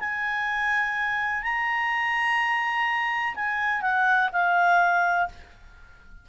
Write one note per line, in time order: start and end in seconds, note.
0.00 1.43 G#5
1.43 3.35 A#5
3.36 3.82 G#5
3.82 4.30 F#5
4.33 5.29 F5